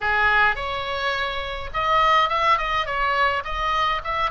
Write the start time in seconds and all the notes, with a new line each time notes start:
0.00 G#4
0.55 C#5
1.73 D#5
2.29 E5
2.57 D#5
2.85 C#5
3.44 D#5
4.04 E5